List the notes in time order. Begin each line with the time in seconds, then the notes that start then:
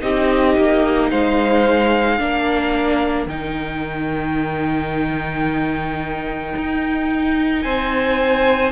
0.00 C4 D#4 G4 D#5
0.57 A#3
1.10 G#3 C5 F5
2.18 A#3 D4 A#4
3.26 D#3 D#4 G5
6.55 D#4
7.62 C4 C5 G#5